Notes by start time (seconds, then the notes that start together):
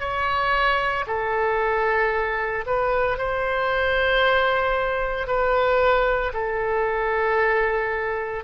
0.00 C#5
1.07 A4
2.67 B4
3.18 C5
5.27 B4
6.34 A4